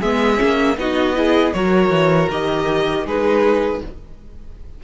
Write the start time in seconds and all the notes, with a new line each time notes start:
0.00 G#3 B3 G#4 E5
0.37 A#3 C#4
0.77 B3 D#4 F#4 D#5
1.15 E4 G#4
1.53 F#3 F#4 A#4 C#5
1.90 E3
2.30 D#3 G4 D#5
3.05 G#3 D#4 G#4 B4